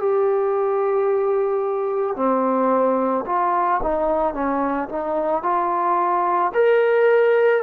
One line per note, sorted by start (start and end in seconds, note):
0.00 2.16 G4
2.16 3.25 C4
3.27 3.81 F4
3.83 4.34 D#4
4.34 4.89 C#4
4.89 5.43 D#4
5.43 6.53 F4
6.55 7.63 A#4